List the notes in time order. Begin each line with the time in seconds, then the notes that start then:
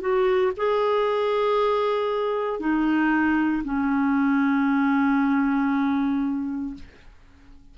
0.00 F#4
0.56 G#4
2.59 D#4
3.64 C#4